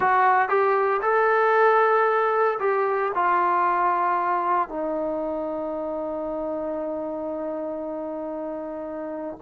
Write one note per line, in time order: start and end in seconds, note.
0.00 0.48 F#4
0.48 1.01 G4
1.02 2.58 A4
2.59 3.12 G4
3.14 4.68 F4
4.68 9.38 D#4